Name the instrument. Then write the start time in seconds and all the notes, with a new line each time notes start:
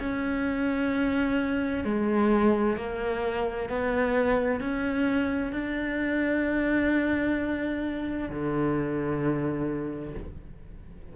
cello
0.00 C#4
1.85 G#3
2.77 A#3
3.70 B3
4.61 C#4
5.53 D4
8.30 D3